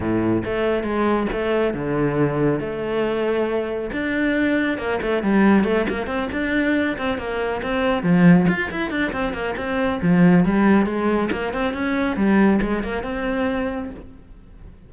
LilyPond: \new Staff \with { instrumentName = "cello" } { \time 4/4 \tempo 4 = 138 a,4 a4 gis4 a4 | d2 a2~ | a4 d'2 ais8 a8 | g4 a8 ais8 c'8 d'4. |
c'8 ais4 c'4 f4 f'8 | e'8 d'8 c'8 ais8 c'4 f4 | g4 gis4 ais8 c'8 cis'4 | g4 gis8 ais8 c'2 | }